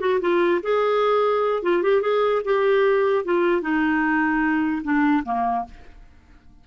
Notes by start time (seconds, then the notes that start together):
0.00 F#4
0.21 F4
0.63 G#4
1.63 F4
1.82 G4
2.02 G#4
2.45 G4
3.25 F4
3.61 D#4
4.83 D4
5.25 A#3